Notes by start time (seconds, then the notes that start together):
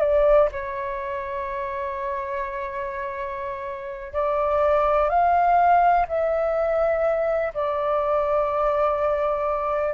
0.00 D5
0.51 C#5
4.13 D5
5.09 F5
6.08 E5
7.54 D5